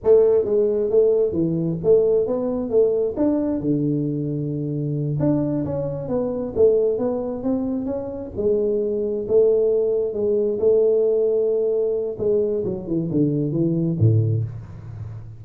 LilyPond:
\new Staff \with { instrumentName = "tuba" } { \time 4/4 \tempo 4 = 133 a4 gis4 a4 e4 | a4 b4 a4 d'4 | d2.~ d8 d'8~ | d'8 cis'4 b4 a4 b8~ |
b8 c'4 cis'4 gis4.~ | gis8 a2 gis4 a8~ | a2. gis4 | fis8 e8 d4 e4 a,4 | }